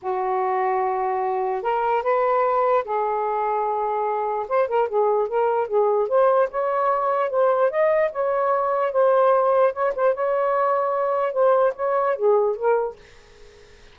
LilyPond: \new Staff \with { instrumentName = "saxophone" } { \time 4/4 \tempo 4 = 148 fis'1 | ais'4 b'2 gis'4~ | gis'2. c''8 ais'8 | gis'4 ais'4 gis'4 c''4 |
cis''2 c''4 dis''4 | cis''2 c''2 | cis''8 c''8 cis''2. | c''4 cis''4 gis'4 ais'4 | }